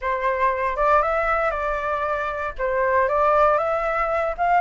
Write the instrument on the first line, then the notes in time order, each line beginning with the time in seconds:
flute
0.01 C5
0.76 D5
1.02 E5
1.50 D5
2.58 C5
3.08 D5
3.58 E5
4.37 F5